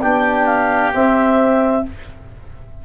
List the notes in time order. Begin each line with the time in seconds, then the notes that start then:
0.00 B3 D4 G4 G5
0.45 F5
0.93 C4 E5